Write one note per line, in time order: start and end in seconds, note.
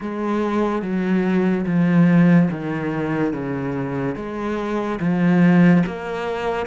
0.00 0.81 G#3
0.81 1.65 F#3
1.66 2.49 F3
2.50 3.33 D#3
3.33 4.15 C#3
4.15 4.98 G#3
5.00 5.83 F3
5.86 6.66 A#3